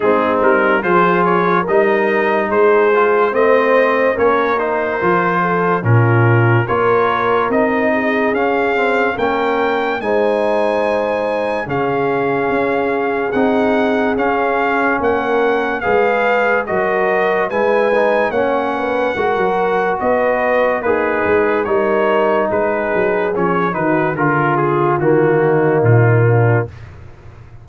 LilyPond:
<<
  \new Staff \with { instrumentName = "trumpet" } { \time 4/4 \tempo 4 = 72 gis'8 ais'8 c''8 cis''8 dis''4 c''4 | dis''4 cis''8 c''4. ais'4 | cis''4 dis''4 f''4 g''4 | gis''2 f''2 |
fis''4 f''4 fis''4 f''4 | dis''4 gis''4 fis''2 | dis''4 b'4 cis''4 b'4 | cis''8 b'8 ais'8 gis'8 fis'4 f'4 | }
  \new Staff \with { instrumentName = "horn" } { \time 4/4 dis'4 gis'4 ais'4 gis'4 | c''4 ais'4. a'8 f'4 | ais'4. gis'4. ais'4 | c''2 gis'2~ |
gis'2 ais'4 b'4 | ais'4 b'4 cis''8 b'8 ais'4 | b'4 dis'4 ais'4 gis'4~ | gis'8 fis'8 f'4. dis'4 d'8 | }
  \new Staff \with { instrumentName = "trombone" } { \time 4/4 c'4 f'4 dis'4. f'8 | c'4 cis'8 dis'8 f'4 cis'4 | f'4 dis'4 cis'8 c'8 cis'4 | dis'2 cis'2 |
dis'4 cis'2 gis'4 | fis'4 e'8 dis'8 cis'4 fis'4~ | fis'4 gis'4 dis'2 | cis'8 dis'8 f'4 ais2 | }
  \new Staff \with { instrumentName = "tuba" } { \time 4/4 gis8 g8 f4 g4 gis4 | a4 ais4 f4 ais,4 | ais4 c'4 cis'4 ais4 | gis2 cis4 cis'4 |
c'4 cis'4 ais4 gis4 | fis4 gis4 ais4 gis16 fis8. | b4 ais8 gis8 g4 gis8 fis8 | f8 dis8 d4 dis4 ais,4 | }
>>